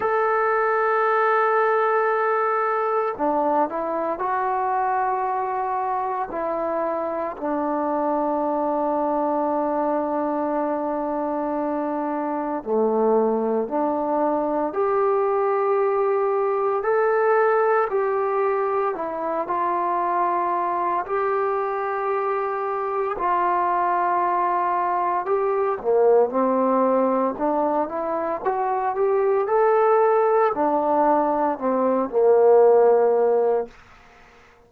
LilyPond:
\new Staff \with { instrumentName = "trombone" } { \time 4/4 \tempo 4 = 57 a'2. d'8 e'8 | fis'2 e'4 d'4~ | d'1 | a4 d'4 g'2 |
a'4 g'4 e'8 f'4. | g'2 f'2 | g'8 ais8 c'4 d'8 e'8 fis'8 g'8 | a'4 d'4 c'8 ais4. | }